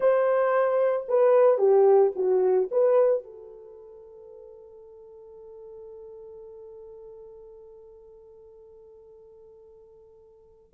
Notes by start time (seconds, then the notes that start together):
0.00 C5
1.08 B4
1.58 G4
2.15 F#4
2.71 B4
3.23 A4